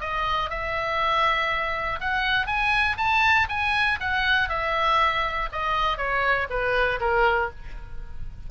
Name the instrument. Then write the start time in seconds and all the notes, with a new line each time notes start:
oboe
0.00 D#5
0.50 E5
2.00 F#5
2.47 G#5
2.97 A5
3.49 G#5
4.00 F#5
4.49 E5
5.52 D#5
5.97 C#5
6.50 B4
7.00 A#4